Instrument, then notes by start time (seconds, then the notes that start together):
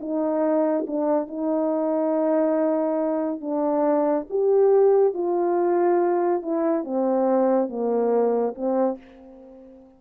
horn
0.00 D#4
0.87 D4
1.27 D#4
3.41 D4
4.30 G4
5.14 F4
6.42 E4
6.84 C4
7.69 A#3
8.55 C4